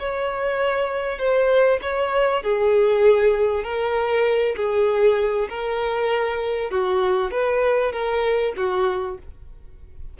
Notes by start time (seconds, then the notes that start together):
0.00 C#5
1.19 C5
1.82 C#5
2.44 G#4
3.64 A#4
4.57 G#4
5.50 A#4
6.71 F#4
7.31 B4
7.93 A#4
8.57 F#4